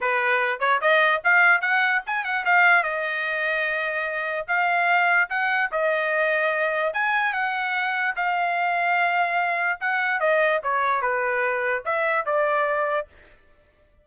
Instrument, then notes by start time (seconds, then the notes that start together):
trumpet
0.00 B4
0.59 C#5
0.81 D#5
1.24 F5
1.61 F#5
2.06 G#5
2.24 F#5
2.45 F5
2.83 D#5
4.47 F5
5.29 F#5
5.71 D#5
6.93 G#5
7.33 F#5
8.15 F5
9.80 F#5
10.19 D#5
10.63 C#5
11.01 B4
11.85 E5
12.25 D5